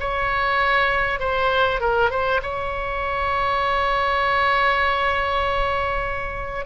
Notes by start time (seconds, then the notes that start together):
0.00 C#5
1.20 C5
1.80 A#4
2.10 C5
2.43 C#5